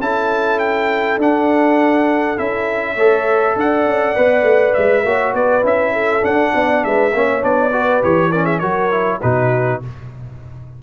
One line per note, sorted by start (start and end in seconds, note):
0.00 1.18 C#4
0.00 1.20 E4
0.00 2.95 A4
0.00 0.59 A5
0.59 1.19 G5
1.18 2.37 D4
1.18 2.38 F#5
2.37 2.96 C#4
2.37 2.97 E4
2.37 3.57 E5
2.95 3.56 A3
2.95 4.16 A4
2.95 3.55 C#5
3.56 3.86 D4
3.56 5.05 D5
3.56 4.74 F#5
3.86 4.15 C#4
4.16 4.43 B3
4.16 5.05 B4
4.43 4.73 A3
4.74 5.04 G#3
4.74 5.33 E5
5.04 5.34 A#3
5.04 5.62 F#4
5.04 5.35 C#5
5.34 5.63 B3
5.34 5.93 B4
5.34 5.65 D5
5.62 6.23 C#4
5.62 6.22 E4
5.62 6.25 E5
5.93 6.52 A4
6.22 7.11 D4
6.22 6.54 D4
6.22 6.84 F#5
6.54 6.84 B3
6.54 6.85 D5
6.84 7.14 G#3
6.84 7.13 B4
6.84 7.44 E5
7.13 7.43 A#3
7.13 7.41 C#4
7.13 7.72 C#5
7.41 8.03 B3
7.41 7.71 D4
7.41 8.03 D5
7.72 8.02 F#4
7.72 8.31 B4
8.02 8.62 E3
8.02 8.32 G4
8.02 8.32 C#5
8.31 8.62 C#4
8.31 8.44 A#4
8.31 8.45 D5
8.44 8.59 G#4
8.44 8.59 E5
8.59 9.22 F#3
8.59 8.91 F#4
8.59 9.19 A#4
8.59 9.19 C#5
8.91 9.21 E4
9.22 9.83 B2
9.22 9.82 D#4
9.22 9.81 F#4
9.22 9.81 B4